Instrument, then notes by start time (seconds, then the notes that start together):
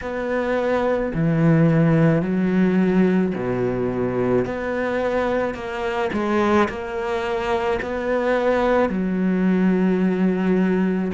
cello
0.01 B3
1.14 E3
2.22 F#3
3.35 B2
4.45 B3
5.54 A#3
6.12 G#3
6.68 A#3
7.81 B3
8.89 F#3